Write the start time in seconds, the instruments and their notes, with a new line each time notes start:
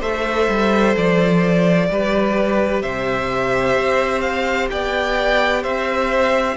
0.00 cello A3, viola A4, violin C5 E5
0.49 cello G3
0.97 cello F3, violin D5
1.90 cello G3, viola G4, violin B4
2.82 cello C3, violin C5 E5
3.77 cello C4
4.21 violin F5
4.71 cello B3, violin D5 G5
5.63 cello C4, violin C5 E5